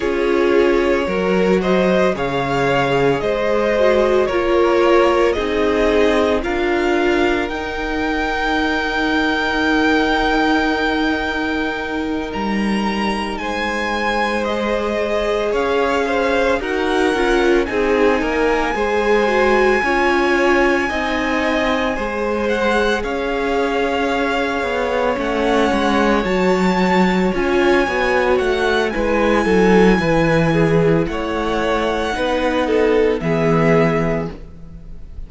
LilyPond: <<
  \new Staff \with { instrumentName = "violin" } { \time 4/4 \tempo 4 = 56 cis''4. dis''8 f''4 dis''4 | cis''4 dis''4 f''4 g''4~ | g''2.~ g''8 ais''8~ | ais''8 gis''4 dis''4 f''4 fis''8~ |
fis''8 gis''2.~ gis''8~ | gis''4 fis''8 f''2 fis''8~ | fis''8 a''4 gis''4 fis''8 gis''4~ | gis''4 fis''2 e''4 | }
  \new Staff \with { instrumentName = "violin" } { \time 4/4 gis'4 ais'8 c''8 cis''4 c''4 | ais'4 gis'4 ais'2~ | ais'1~ | ais'8 c''2 cis''8 c''8 ais'8~ |
ais'8 gis'8 ais'8 c''4 cis''4 dis''8~ | dis''8 c''4 cis''2~ cis''8~ | cis''2. b'8 a'8 | b'8 gis'8 cis''4 b'8 a'8 gis'4 | }
  \new Staff \with { instrumentName = "viola" } { \time 4/4 f'4 fis'4 gis'4. fis'8 | f'4 dis'4 f'4 dis'4~ | dis'1~ | dis'4. gis'2 fis'8 |
f'8 dis'4 gis'8 fis'8 f'4 dis'8~ | dis'8 gis'2. cis'8~ | cis'8 fis'4 f'8 fis'4 e'4~ | e'2 dis'4 b4 | }
  \new Staff \with { instrumentName = "cello" } { \time 4/4 cis'4 fis4 cis4 gis4 | ais4 c'4 d'4 dis'4~ | dis'2.~ dis'8 g8~ | g8 gis2 cis'4 dis'8 |
cis'8 c'8 ais8 gis4 cis'4 c'8~ | c'8 gis4 cis'4. b8 a8 | gis8 fis4 cis'8 b8 a8 gis8 fis8 | e4 a4 b4 e4 | }
>>